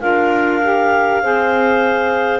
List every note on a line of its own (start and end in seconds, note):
0.00 1.22 D4
0.00 0.60 F4
0.00 1.22 A#4
0.00 2.39 F5
0.62 1.22 G4
1.22 2.39 C4
1.22 2.39 G#4
1.22 2.39 C5